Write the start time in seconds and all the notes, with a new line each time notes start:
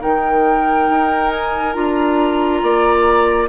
0.00 D#3 D#4 A#4 G5
0.89 D#4
1.30 G#5
1.73 D4 F4 A#5
2.63 A#3 D5